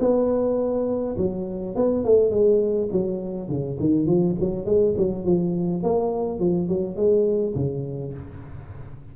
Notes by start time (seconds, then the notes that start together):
0.00 B3
1.18 F#3
1.76 B3
2.05 A3
2.31 G#3
2.92 F#3
3.49 C#3
3.80 D#3
4.06 F3
4.40 F#3
4.66 G#3
4.98 F#3
5.25 F3
5.83 A#3
6.40 F3
6.69 F#3
6.96 G#3
7.55 C#3